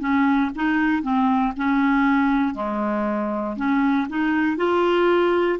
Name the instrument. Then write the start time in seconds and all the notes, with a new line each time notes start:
clarinet
0.00 C#4
0.55 D#4
1.03 C4
1.56 C#4
2.54 G#3
3.56 C#4
4.09 D#4
4.57 F4